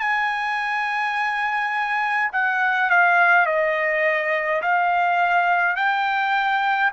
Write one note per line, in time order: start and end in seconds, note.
0.00 2.31 G#5
2.32 2.90 F#5
2.90 3.46 F5
3.46 4.62 D#5
4.62 5.76 F5
5.76 6.91 G5